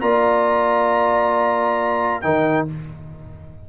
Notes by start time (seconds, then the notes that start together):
0.00 A#3 F4 D5 A#5
2.21 D#3 D#4 A#4 G5